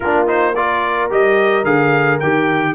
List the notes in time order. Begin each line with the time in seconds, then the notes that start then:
0.00 A#3 D4 F4 A#4
0.26 D#4 C5
0.55 F4 A#4 D5
1.10 G3 G4 D#5
1.64 D3 G#4 F5
2.20 D#3 G4 G5